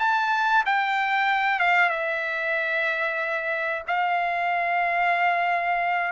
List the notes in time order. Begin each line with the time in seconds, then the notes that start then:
0.00 A5
0.66 G5
1.60 F5
1.90 E5
3.88 F5